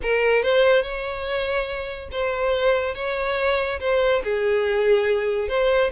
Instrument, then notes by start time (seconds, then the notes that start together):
violin
0.02 A#4
0.42 C5
0.82 C#5
2.11 C5
2.95 C#5
3.80 C5
4.23 G#4
5.48 C5